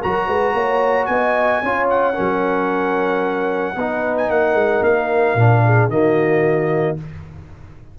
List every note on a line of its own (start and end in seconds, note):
0.00 0.28 F#3
0.00 1.64 F#4
0.00 0.27 A#4
0.00 1.06 A#5
0.28 0.54 G#3
0.28 0.54 B4
0.54 1.08 A#3
0.54 1.08 C#5
1.06 1.62 B3
1.06 1.63 D#5
1.06 1.87 G#5
1.63 2.17 C#4
1.63 2.14 F4
1.63 2.15 C#5
1.90 4.18 F#5
2.14 3.76 F#3
2.14 3.74 C#4
2.14 3.75 A#4
3.76 4.30 B3
3.76 5.39 D#4
3.76 4.31 B4
4.18 4.31 G#5
4.30 4.54 A#3
4.30 5.65 A#4
4.30 4.84 F#5
4.54 4.81 G#3
4.82 5.35 A#3
4.82 5.91 F5
5.35 5.89 A#2
5.35 5.91 D4
5.65 5.92 G#4
5.89 6.96 D#3
5.89 6.98 A#3
5.89 6.99 F#4
5.89 6.98 D#5